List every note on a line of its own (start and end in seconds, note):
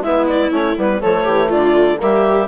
0.00 0.49 G#3
0.00 0.51 B3
0.00 1.00 E4
0.00 0.27 E5
0.27 0.52 D5
0.51 0.76 A3
0.51 0.75 C#4
0.51 0.78 C#5
0.77 1.02 G3
0.77 1.00 B3
0.77 1.02 B4
1.00 1.26 F3
1.00 1.97 A3
1.00 1.23 A4
1.00 1.51 C#5
1.23 1.50 E3
1.23 1.47 G4
1.48 2.00 D3
1.48 1.97 F4
1.48 1.99 D5
1.99 2.48 G3
1.99 2.48 A#3
1.99 2.48 G4
1.99 2.48 E5